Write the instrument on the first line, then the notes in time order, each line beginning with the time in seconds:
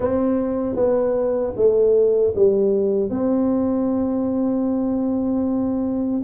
tuba
0.00 C4
0.75 B3
1.55 A3
2.35 G3
3.10 C4